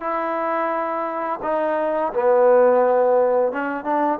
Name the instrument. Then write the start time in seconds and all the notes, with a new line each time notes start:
trombone
0.00 E4
1.42 D#4
2.13 B3
3.52 C#4
3.84 D4